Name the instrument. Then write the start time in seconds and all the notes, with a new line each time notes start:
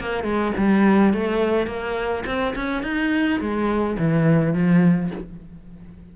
cello
0.00 A#3
0.24 G#3
0.58 G3
1.14 A3
1.67 A#3
2.26 C4
2.56 C#4
2.83 D#4
3.40 G#3
3.98 E3
4.54 F3